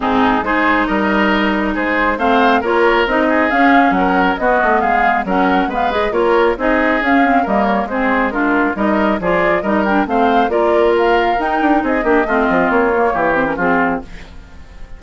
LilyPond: <<
  \new Staff \with { instrumentName = "flute" } { \time 4/4 \tempo 4 = 137 gis'4 c''4 dis''2 | c''4 f''4 cis''4 dis''4 | f''4 fis''4 dis''4 f''4 | fis''4 f''8 dis''8 cis''4 dis''4 |
f''4 dis''8 cis''8 c''4 ais'4 | dis''4 d''4 dis''8 g''8 f''4 | d''4 f''4 g''4 dis''4~ | dis''4 cis''4. c''16 ais'16 gis'4 | }
  \new Staff \with { instrumentName = "oboe" } { \time 4/4 dis'4 gis'4 ais'2 | gis'4 c''4 ais'4. gis'8~ | gis'4 ais'4 fis'4 gis'4 | ais'4 b'4 ais'4 gis'4~ |
gis'4 ais'4 gis'4 f'4 | ais'4 gis'4 ais'4 c''4 | ais'2. gis'8 g'8 | f'2 g'4 f'4 | }
  \new Staff \with { instrumentName = "clarinet" } { \time 4/4 c'4 dis'2.~ | dis'4 c'4 f'4 dis'4 | cis'2 b2 | cis'4 b8 gis'8 f'4 dis'4 |
cis'8 c'8 ais4 c'4 d'4 | dis'4 f'4 dis'8 d'8 c'4 | f'2 dis'4. d'8 | c'4. ais4 c'16 cis'16 c'4 | }
  \new Staff \with { instrumentName = "bassoon" } { \time 4/4 gis,4 gis4 g2 | gis4 a4 ais4 c'4 | cis'4 fis4 b8 a8 gis4 | fis4 gis4 ais4 c'4 |
cis'4 g4 gis2 | g4 f4 g4 a4 | ais2 dis'8 d'8 c'8 ais8 | a8 f8 ais4 e4 f4 | }
>>